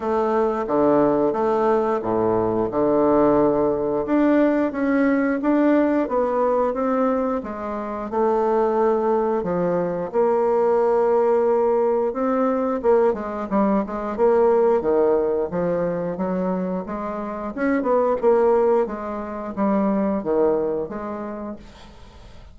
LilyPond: \new Staff \with { instrumentName = "bassoon" } { \time 4/4 \tempo 4 = 89 a4 d4 a4 a,4 | d2 d'4 cis'4 | d'4 b4 c'4 gis4 | a2 f4 ais4~ |
ais2 c'4 ais8 gis8 | g8 gis8 ais4 dis4 f4 | fis4 gis4 cis'8 b8 ais4 | gis4 g4 dis4 gis4 | }